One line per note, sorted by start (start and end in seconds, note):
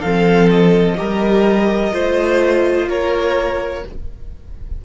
0.00 1.00 F3
0.00 0.97 C4
0.00 0.95 A4
0.00 0.49 F5
0.51 2.89 D#5
0.97 1.93 G3
0.97 1.91 G4
0.97 1.93 A#4
1.91 2.88 A3
1.91 3.82 F4
1.91 2.88 C5
2.88 3.84 A#3
2.88 3.84 A#4
2.88 3.85 C#5